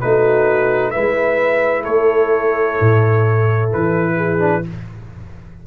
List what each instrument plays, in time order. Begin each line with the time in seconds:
0.00 tuba A3, trombone D#4, horn F#4, trumpet B4
0.91 tuba G#3, trombone E4, horn B4, trumpet E5
1.83 tuba A3, horn A4, trumpet C#5
2.80 tuba A2
3.73 tuba E3, trumpet B4
4.16 horn G#4
4.39 trombone D4